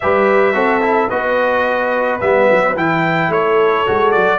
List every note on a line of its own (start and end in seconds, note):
0.00 0.54 G3
0.00 0.53 G4
0.00 0.54 B4
0.00 1.09 E5
0.53 1.10 C4
0.53 0.81 F#4
0.53 1.09 A4
0.81 1.09 E4
1.09 2.21 B3
1.09 2.20 F#4
1.09 3.29 B4
1.09 2.19 D#5
2.20 2.49 G3
2.20 2.75 B3
2.20 2.75 E5
2.51 2.75 F#3
2.75 3.28 E3
2.75 3.86 E4
2.75 3.32 G5
3.28 3.83 A3
3.28 4.39 A4
3.28 4.11 C#5
3.86 4.15 G#3
3.86 4.39 F#4
4.11 4.39 F#3
4.11 4.39 D5